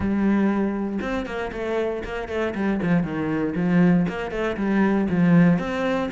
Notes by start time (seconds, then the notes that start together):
0.00 G3
1.01 C4
1.26 A#3
1.52 A3
2.04 A#3
2.28 A3
2.54 G3
2.82 F3
3.03 D#3
3.55 F3
4.08 A#3
4.31 A3
4.56 G3
5.09 F3
5.59 C4